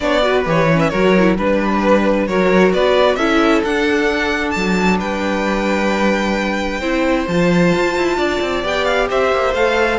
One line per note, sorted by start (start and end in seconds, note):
0.00 0.46 B3
0.00 0.22 D4
0.00 0.21 C#5
0.00 0.43 D5
0.21 0.44 F#4
0.21 0.89 B4
0.45 0.91 E3
0.45 0.68 G4
0.45 0.79 C#5
0.72 0.92 C#4
0.79 0.89 E5
0.89 1.37 F#3
0.89 1.15 F#4
0.89 1.35 A#4
0.89 1.34 C#5
1.18 1.37 E4
1.37 2.27 G3
1.37 2.28 D4
1.37 2.26 B4
1.37 2.28 B4
2.26 2.73 F#3
2.26 3.19 F#4
2.26 2.73 A#4
2.26 2.72 C#5
2.73 3.16 B3
2.73 3.17 B4
2.73 3.15 D5
3.15 3.62 C#4
3.15 3.64 E4
3.15 4.98 A4
3.15 3.61 E5
3.64 4.55 D4
3.64 6.81 D4
3.64 4.51 F#5
4.51 5.00 F#3
4.51 4.96 A5
4.98 6.80 G3
4.98 6.80 B4
4.98 7.27 G5
6.80 7.26 C4
6.80 7.27 E4
6.80 8.16 C5
7.27 7.73 F3
7.27 8.63 F4
7.27 8.64 A5
7.74 7.97 F4
7.97 8.16 E4
8.16 8.39 D4
8.16 9.08 D5
8.41 8.63 C4
8.63 9.09 B3
8.63 9.54 G4
8.63 8.84 G5
8.84 9.07 F5
9.09 9.31 C4
9.09 9.99 C5
9.09 9.54 E5
9.31 9.53 A#3
9.53 9.99 A3
9.53 9.99 A4
9.53 9.99 F5